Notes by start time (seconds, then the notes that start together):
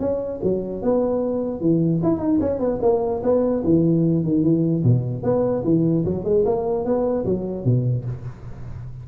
0.00 C#4
0.43 F#3
0.82 B3
1.61 E3
2.03 E4
2.19 D#4
2.41 C#4
2.59 B3
2.82 A#3
3.23 B3
3.64 E3
4.24 D#3
4.43 E3
4.84 B2
5.23 B3
5.64 E3
6.05 F#3
6.24 G#3
6.45 A#3
6.85 B3
7.26 F#3
7.65 B2